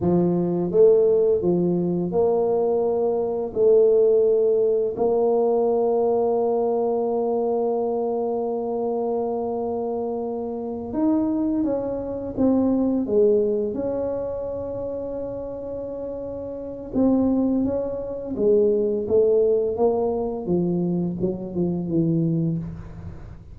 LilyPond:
\new Staff \with { instrumentName = "tuba" } { \time 4/4 \tempo 4 = 85 f4 a4 f4 ais4~ | ais4 a2 ais4~ | ais1~ | ais2.~ ais8 dis'8~ |
dis'8 cis'4 c'4 gis4 cis'8~ | cis'1 | c'4 cis'4 gis4 a4 | ais4 f4 fis8 f8 e4 | }